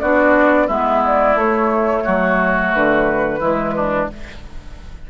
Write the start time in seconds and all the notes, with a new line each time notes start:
0.00 B3 D4 F#4 D5
0.68 G#3 B3 E4 E5
1.06 D5
1.35 A3 C#5
2.05 F#3 F#4
2.74 D3 B4
3.40 E3 G#3 E4
3.77 D4